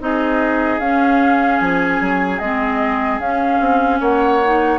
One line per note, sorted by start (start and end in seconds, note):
0.00 0.79 C4
0.00 0.80 D#4
0.00 4.00 G#4
0.00 0.80 D#5
0.79 1.59 C#4
0.79 2.42 C#4
0.79 1.59 F5
1.59 2.00 F3
1.59 2.39 G#5
2.00 2.40 F#3
2.39 3.19 G#3
2.39 3.22 C4
2.39 3.19 D#5
3.19 3.59 C#4
3.19 4.43 C#4
3.19 4.00 F5
3.60 4.00 C4
4.00 4.79 A#3
4.00 4.79 C#5
4.00 4.79 F#5
4.44 4.79 D#4